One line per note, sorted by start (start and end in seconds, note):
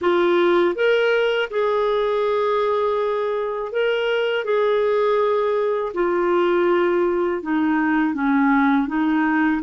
0.01 0.75 F4
0.75 1.49 A#4
1.50 3.72 G#4
3.72 4.44 A#4
4.44 5.92 G#4
5.94 7.42 F4
7.42 8.13 D#4
8.13 8.87 C#4
8.87 9.61 D#4